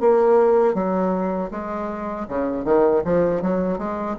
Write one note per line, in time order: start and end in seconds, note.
0.00 0.74 A#3
0.74 1.50 F#3
1.51 2.27 G#3
2.28 2.64 C#3
2.64 3.02 D#3
3.04 3.42 F3
3.42 3.78 F#3
3.78 4.16 G#3